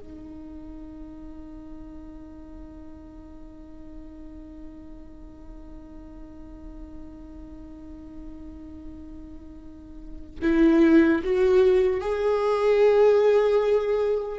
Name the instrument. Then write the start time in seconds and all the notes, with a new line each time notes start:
viola
0.00 D#4
10.42 E4
11.24 F#4
12.01 G#4